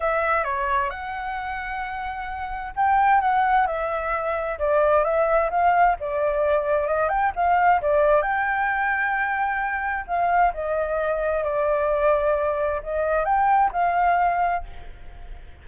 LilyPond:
\new Staff \with { instrumentName = "flute" } { \time 4/4 \tempo 4 = 131 e''4 cis''4 fis''2~ | fis''2 g''4 fis''4 | e''2 d''4 e''4 | f''4 d''2 dis''8 g''8 |
f''4 d''4 g''2~ | g''2 f''4 dis''4~ | dis''4 d''2. | dis''4 g''4 f''2 | }